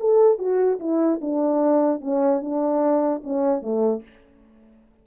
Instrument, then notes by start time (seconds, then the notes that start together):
horn
0.00 A4
0.39 F#4
0.80 E4
1.21 D4
2.01 C#4
2.41 D4
3.24 C#4
3.62 A3